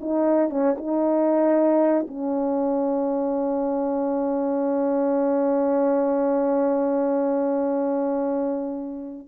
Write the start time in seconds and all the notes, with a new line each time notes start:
0.00 D#4
0.50 C#4
0.77 D#4
2.08 C#4